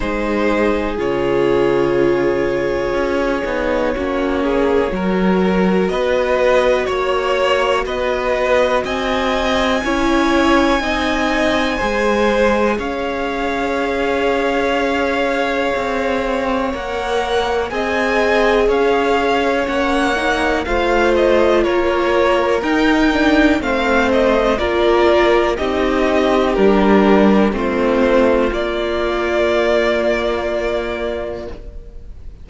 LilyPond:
<<
  \new Staff \with { instrumentName = "violin" } { \time 4/4 \tempo 4 = 61 c''4 cis''2.~ | cis''2 dis''4 cis''4 | dis''4 gis''2.~ | gis''4 f''2.~ |
f''4 fis''4 gis''4 f''4 | fis''4 f''8 dis''8 cis''4 g''4 | f''8 dis''8 d''4 dis''4 ais'4 | c''4 d''2. | }
  \new Staff \with { instrumentName = "violin" } { \time 4/4 gis'1 | fis'8 gis'8 ais'4 b'4 cis''4 | b'4 dis''4 cis''4 dis''4 | c''4 cis''2.~ |
cis''2 dis''4 cis''4~ | cis''4 c''4 ais'2 | c''4 ais'4 g'2 | f'1 | }
  \new Staff \with { instrumentName = "viola" } { \time 4/4 dis'4 f'2~ f'8 dis'8 | cis'4 fis'2.~ | fis'2 e'4 dis'4 | gis'1~ |
gis'4 ais'4 gis'2 | cis'8 dis'8 f'2 dis'8 d'8 | c'4 f'4 dis'4 d'4 | c'4 ais2. | }
  \new Staff \with { instrumentName = "cello" } { \time 4/4 gis4 cis2 cis'8 b8 | ais4 fis4 b4 ais4 | b4 c'4 cis'4 c'4 | gis4 cis'2. |
c'4 ais4 c'4 cis'4 | ais4 a4 ais4 dis'4 | a4 ais4 c'4 g4 | a4 ais2. | }
>>